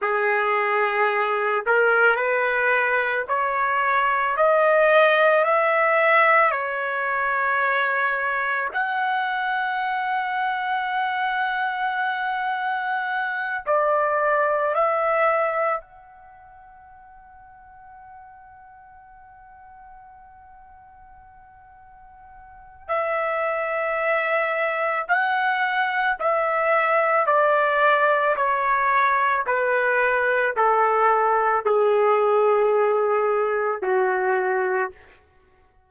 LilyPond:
\new Staff \with { instrumentName = "trumpet" } { \time 4/4 \tempo 4 = 55 gis'4. ais'8 b'4 cis''4 | dis''4 e''4 cis''2 | fis''1~ | fis''8 d''4 e''4 fis''4.~ |
fis''1~ | fis''4 e''2 fis''4 | e''4 d''4 cis''4 b'4 | a'4 gis'2 fis'4 | }